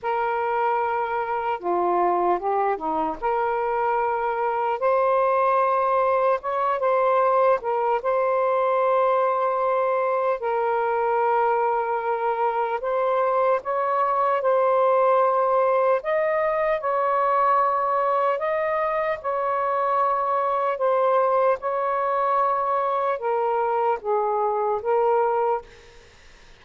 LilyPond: \new Staff \with { instrumentName = "saxophone" } { \time 4/4 \tempo 4 = 75 ais'2 f'4 g'8 dis'8 | ais'2 c''2 | cis''8 c''4 ais'8 c''2~ | c''4 ais'2. |
c''4 cis''4 c''2 | dis''4 cis''2 dis''4 | cis''2 c''4 cis''4~ | cis''4 ais'4 gis'4 ais'4 | }